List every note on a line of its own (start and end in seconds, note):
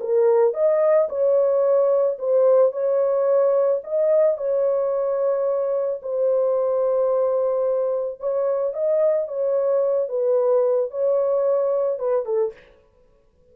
0.00 0.54 A#4
0.54 1.08 D#5
1.09 2.18 C#5
2.18 2.72 C5
2.72 3.81 C#5
3.83 4.37 D#5
4.37 6.01 C#5
6.02 8.20 C5
8.20 8.73 C#5
8.73 9.27 D#5
9.27 10.08 C#5
10.08 10.90 B4
10.90 11.99 C#5
11.99 12.25 B4
12.25 12.53 A4